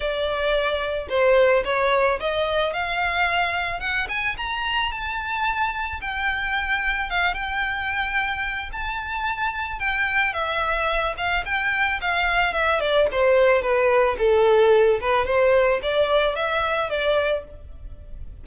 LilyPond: \new Staff \with { instrumentName = "violin" } { \time 4/4 \tempo 4 = 110 d''2 c''4 cis''4 | dis''4 f''2 fis''8 gis''8 | ais''4 a''2 g''4~ | g''4 f''8 g''2~ g''8 |
a''2 g''4 e''4~ | e''8 f''8 g''4 f''4 e''8 d''8 | c''4 b'4 a'4. b'8 | c''4 d''4 e''4 d''4 | }